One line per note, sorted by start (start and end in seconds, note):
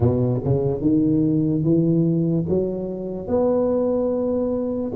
0.00 0.41 B2
0.44 0.81 C#3
0.81 1.63 D#3
1.63 2.45 E3
2.48 3.27 F#3
3.27 4.92 B3